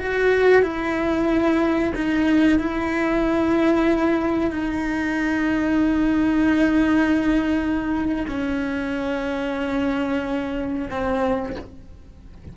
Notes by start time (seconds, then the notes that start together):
0.00 F#4
0.63 E4
1.96 D#4
2.59 E4
4.51 D#4
8.28 C#4
10.91 C4